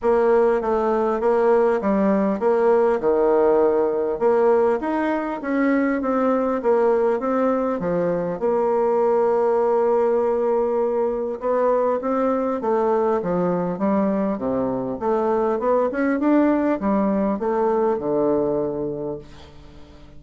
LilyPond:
\new Staff \with { instrumentName = "bassoon" } { \time 4/4 \tempo 4 = 100 ais4 a4 ais4 g4 | ais4 dis2 ais4 | dis'4 cis'4 c'4 ais4 | c'4 f4 ais2~ |
ais2. b4 | c'4 a4 f4 g4 | c4 a4 b8 cis'8 d'4 | g4 a4 d2 | }